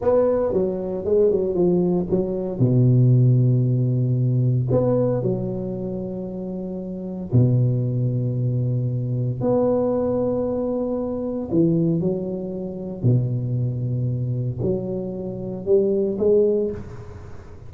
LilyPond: \new Staff \with { instrumentName = "tuba" } { \time 4/4 \tempo 4 = 115 b4 fis4 gis8 fis8 f4 | fis4 b,2.~ | b,4 b4 fis2~ | fis2 b,2~ |
b,2 b2~ | b2 e4 fis4~ | fis4 b,2. | fis2 g4 gis4 | }